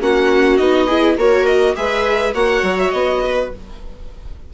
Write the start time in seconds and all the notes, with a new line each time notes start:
0.00 A#3 C#4 F#4 F#5
0.57 B3 D#4 D#5
0.86 E4 G#4
1.17 A#3 F#4 A#4 C#5
1.46 D#5
1.75 G#3 G#4 B4 E5
2.34 A#3 F#4 C#5 F#5
2.62 F#3
2.78 E5
2.90 B3 D#5
3.24 B4